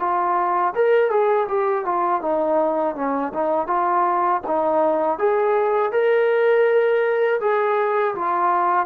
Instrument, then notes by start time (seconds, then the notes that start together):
trombone
0.00 F4
0.75 A#4
1.10 G#4
1.48 G4
1.85 F4
2.22 D#4
2.95 C#4
3.34 D#4
3.67 F4
4.47 D#4
5.19 G#4
5.92 A#4
7.40 G#4
8.15 F4